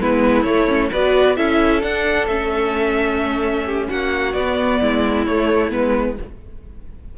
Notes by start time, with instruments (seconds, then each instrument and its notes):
0.00 cello G#3, viola B3, violin E4 B4
0.43 cello A3, viola A3, violin C#5
0.68 viola C#4
0.91 cello B3, viola F#4, violin B4 D5
1.36 cello C#4, viola E4, violin A4 E5
1.82 viola D4, cello D4, violin F#5
2.27 cello A3, viola C#4, violin E5
3.65 violin G4
3.90 cello A#3, violin F#4 F#5
4.33 cello B3, viola B3, violin D5
4.81 cello G#3, violin E4
5.25 cello A3, viola A3, violin C#5
5.70 cello G#3, viola B3, violin B4